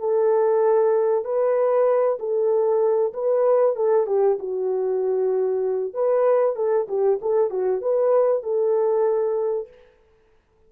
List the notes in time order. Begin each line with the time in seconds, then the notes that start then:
0.00 A4
1.25 B4
2.20 A4
3.14 B4
3.76 A4
4.07 G4
4.39 F#4
5.94 B4
6.56 A4
6.89 G4
7.22 A4
7.51 F#4
7.82 B4
8.43 A4